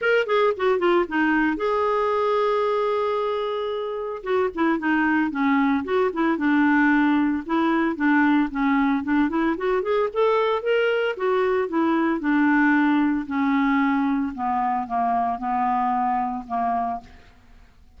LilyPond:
\new Staff \with { instrumentName = "clarinet" } { \time 4/4 \tempo 4 = 113 ais'8 gis'8 fis'8 f'8 dis'4 gis'4~ | gis'1 | fis'8 e'8 dis'4 cis'4 fis'8 e'8 | d'2 e'4 d'4 |
cis'4 d'8 e'8 fis'8 gis'8 a'4 | ais'4 fis'4 e'4 d'4~ | d'4 cis'2 b4 | ais4 b2 ais4 | }